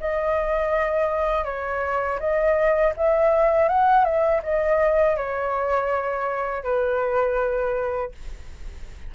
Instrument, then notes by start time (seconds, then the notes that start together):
flute
0.00 D#5
1.45 C#5
2.20 D#5
2.97 E5
3.68 F#5
4.04 E5
4.43 D#5
5.17 C#5
6.64 B4